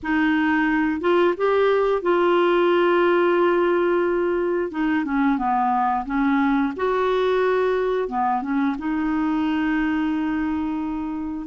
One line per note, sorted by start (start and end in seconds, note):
0.02 1.00 D#4
1.00 1.34 F4
1.37 2.02 G4
2.02 4.71 F4
4.71 5.04 D#4
5.04 5.37 C#4
5.37 6.05 B3
6.05 6.73 C#4
6.76 8.08 F#4
8.08 8.42 B3
8.42 8.75 C#4
8.78 11.46 D#4